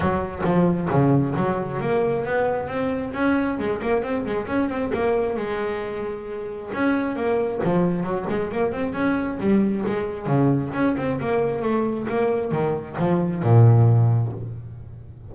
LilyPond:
\new Staff \with { instrumentName = "double bass" } { \time 4/4 \tempo 4 = 134 fis4 f4 cis4 fis4 | ais4 b4 c'4 cis'4 | gis8 ais8 c'8 gis8 cis'8 c'8 ais4 | gis2. cis'4 |
ais4 f4 fis8 gis8 ais8 c'8 | cis'4 g4 gis4 cis4 | cis'8 c'8 ais4 a4 ais4 | dis4 f4 ais,2 | }